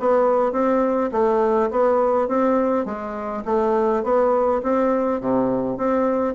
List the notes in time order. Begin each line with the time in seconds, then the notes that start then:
0.00 B3
0.52 C4
1.12 A3
1.71 B3
2.29 C4
2.85 G#3
3.45 A3
4.04 B3
4.63 C4
5.21 C3
5.77 C4